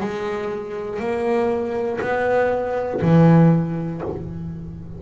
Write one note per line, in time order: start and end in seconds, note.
0.00 0.99 G#3
0.99 1.99 A#3
2.00 3.00 B3
3.01 4.01 E3